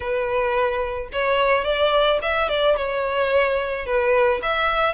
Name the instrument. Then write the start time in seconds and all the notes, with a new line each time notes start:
violin
0.00 B4
1.12 C#5
1.64 D5
2.22 E5
2.48 D5
2.76 C#5
3.85 B4
4.42 E5